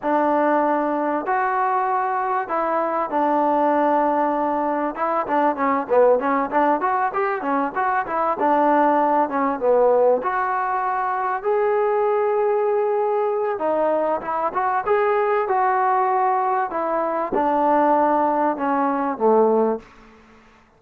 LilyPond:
\new Staff \with { instrumentName = "trombone" } { \time 4/4 \tempo 4 = 97 d'2 fis'2 | e'4 d'2. | e'8 d'8 cis'8 b8 cis'8 d'8 fis'8 g'8 | cis'8 fis'8 e'8 d'4. cis'8 b8~ |
b8 fis'2 gis'4.~ | gis'2 dis'4 e'8 fis'8 | gis'4 fis'2 e'4 | d'2 cis'4 a4 | }